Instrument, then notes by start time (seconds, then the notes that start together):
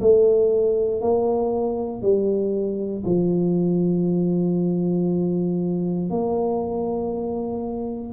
tuba
0.00 A3
1.01 A#3
2.02 G3
3.05 F3
6.10 A#3